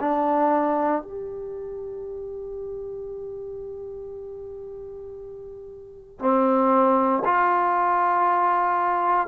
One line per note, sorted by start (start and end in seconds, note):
0.00 1.02 D4
1.02 6.19 G4
6.19 7.23 C4
7.25 9.27 F4